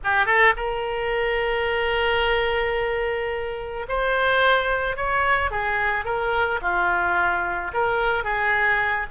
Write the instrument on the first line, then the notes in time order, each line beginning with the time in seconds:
oboe
0.04 G4
0.26 A4
0.56 A#4
3.88 C5
4.96 C#5
5.50 G#4
6.05 A#4
6.61 F4
7.73 A#4
8.24 G#4